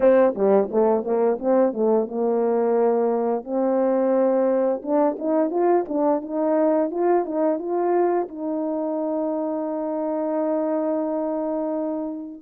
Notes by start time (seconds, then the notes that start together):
0.00 C4
0.34 G3
0.71 A3
1.03 A#3
1.39 C4
1.73 A3
2.07 A#3
3.44 C4
4.82 D4
5.18 D#4
5.50 F4
5.88 D4
6.21 D#4
6.91 F4
7.25 D#4
7.59 F4
8.28 D#4